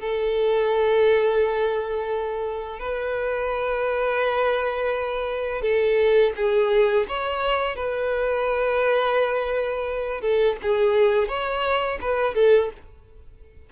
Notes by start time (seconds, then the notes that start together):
0.00 A4
2.79 B4
5.61 A4
6.36 G#4
7.08 C#5
7.76 B4
10.21 A4
10.62 G#4
11.28 C#5
12.01 B4
12.34 A4